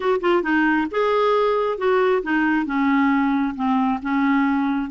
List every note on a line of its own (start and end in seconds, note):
0.00 0.20 F#4
0.21 0.42 F4
0.42 0.87 D#4
0.91 1.78 G#4
1.78 2.22 F#4
2.22 2.65 D#4
2.65 3.54 C#4
3.55 4.00 C4
4.02 4.90 C#4